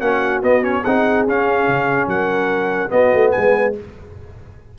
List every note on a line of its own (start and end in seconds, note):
0.00 0.42 A#3
0.00 0.43 C#4
0.00 0.83 F#4
0.00 0.42 F#5
0.42 0.84 B3
0.42 0.62 B3
0.42 0.64 D#5
0.62 0.83 C#4
0.62 0.84 C#5
0.83 1.27 C4
0.83 1.28 D#4
0.83 2.08 G#4
0.83 1.25 F#5
1.27 1.67 C#4
1.27 2.89 C#4
1.27 2.09 F5
1.67 2.07 C#3
2.07 2.90 F#3
2.07 2.91 A#4
2.07 2.91 F#5
2.89 3.72 B3
2.89 3.13 B3
2.89 3.33 F#4
2.89 3.31 D#5
3.13 3.34 A3
3.31 3.78 G#3
3.31 3.75 B4
3.31 3.73 G#5